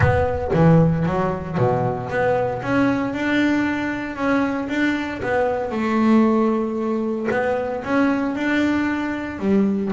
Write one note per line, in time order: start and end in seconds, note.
0.00 0.51 B3
0.53 1.06 E3
1.06 1.57 F#3
1.57 2.09 B2
2.09 2.61 B3
2.62 3.13 C#4
3.13 4.15 D4
4.15 4.68 C#4
4.69 5.21 D4
5.22 5.71 B3
5.71 7.28 A3
7.30 7.83 B3
7.84 8.35 C#4
8.35 9.39 D4
9.39 9.91 G3